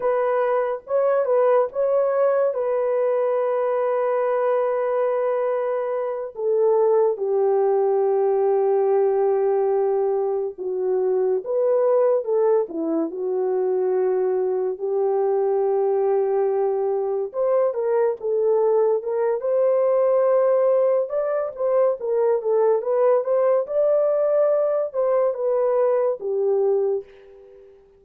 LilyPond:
\new Staff \with { instrumentName = "horn" } { \time 4/4 \tempo 4 = 71 b'4 cis''8 b'8 cis''4 b'4~ | b'2.~ b'8 a'8~ | a'8 g'2.~ g'8~ | g'8 fis'4 b'4 a'8 e'8 fis'8~ |
fis'4. g'2~ g'8~ | g'8 c''8 ais'8 a'4 ais'8 c''4~ | c''4 d''8 c''8 ais'8 a'8 b'8 c''8 | d''4. c''8 b'4 g'4 | }